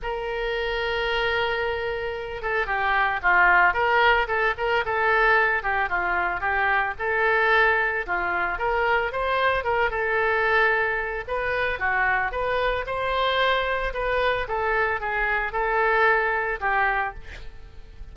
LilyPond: \new Staff \with { instrumentName = "oboe" } { \time 4/4 \tempo 4 = 112 ais'1~ | ais'8 a'8 g'4 f'4 ais'4 | a'8 ais'8 a'4. g'8 f'4 | g'4 a'2 f'4 |
ais'4 c''4 ais'8 a'4.~ | a'4 b'4 fis'4 b'4 | c''2 b'4 a'4 | gis'4 a'2 g'4 | }